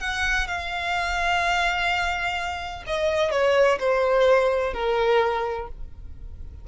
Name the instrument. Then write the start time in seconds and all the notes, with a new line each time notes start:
violin
0.00 F#5
0.47 F5
2.87 D#5
3.31 C#5
3.79 C5
4.73 A#4